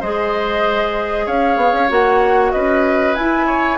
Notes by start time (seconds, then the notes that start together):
0.00 G#3 G#4 C5 D#5
1.25 C#4 C#5 F5
1.56 B3
1.73 C#4
1.88 A#3 F#4 F#5
2.51 C#4 B4 D#5
3.14 E4 G#5
3.46 C#5